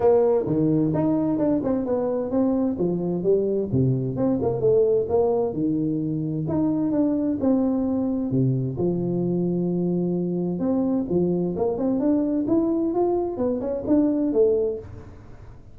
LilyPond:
\new Staff \with { instrumentName = "tuba" } { \time 4/4 \tempo 4 = 130 ais4 dis4 dis'4 d'8 c'8 | b4 c'4 f4 g4 | c4 c'8 ais8 a4 ais4 | dis2 dis'4 d'4 |
c'2 c4 f4~ | f2. c'4 | f4 ais8 c'8 d'4 e'4 | f'4 b8 cis'8 d'4 a4 | }